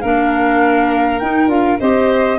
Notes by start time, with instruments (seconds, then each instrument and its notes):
0.00 tuba A#3, clarinet D4, violin A#4, flute F5
1.19 tuba D#4, clarinet D#4, flute G5
1.47 tuba D4, clarinet F4, flute F5
1.79 tuba C4, clarinet G4, violin C5, flute D#5